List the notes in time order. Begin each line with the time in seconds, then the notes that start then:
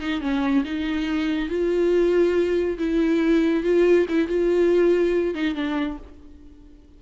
0.00 D#4
0.20 C#4
0.64 D#4
1.49 F4
2.78 E4
3.63 F4
4.09 E4
4.27 F4
5.34 D#4
5.54 D4